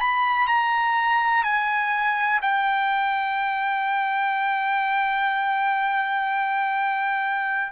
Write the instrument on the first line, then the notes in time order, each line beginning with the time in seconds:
trumpet
0.00 B5
0.48 A#5
1.43 G#5
2.42 G5